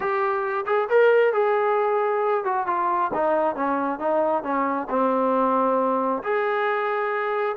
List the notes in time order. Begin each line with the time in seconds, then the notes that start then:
0.00 G4
0.66 G#4
0.89 A#4
1.33 G#4
2.44 F#4
2.66 F4
3.13 D#4
3.55 C#4
3.99 D#4
4.43 C#4
4.89 C4
6.23 G#4